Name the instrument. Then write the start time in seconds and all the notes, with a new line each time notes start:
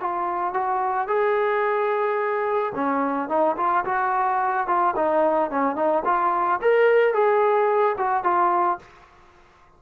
trombone
0.00 F4
0.54 F#4
1.08 G#4
2.75 C#4
3.29 D#4
3.57 F4
3.85 F#4
4.67 F4
4.96 D#4
5.50 C#4
5.76 D#4
6.05 F4
6.62 A#4
7.14 G#4
7.98 F#4
8.24 F4